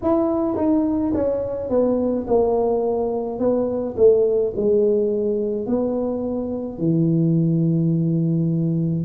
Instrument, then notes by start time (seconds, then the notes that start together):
tuba
0.02 E4
0.56 D#4
1.14 C#4
1.69 B3
2.27 A#3
3.39 B3
3.96 A3
4.56 G#3
5.66 B3
6.78 E3